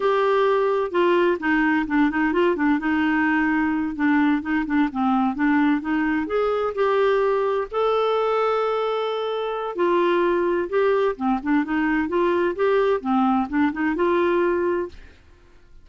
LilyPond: \new Staff \with { instrumentName = "clarinet" } { \time 4/4 \tempo 4 = 129 g'2 f'4 dis'4 | d'8 dis'8 f'8 d'8 dis'2~ | dis'8 d'4 dis'8 d'8 c'4 d'8~ | d'8 dis'4 gis'4 g'4.~ |
g'8 a'2.~ a'8~ | a'4 f'2 g'4 | c'8 d'8 dis'4 f'4 g'4 | c'4 d'8 dis'8 f'2 | }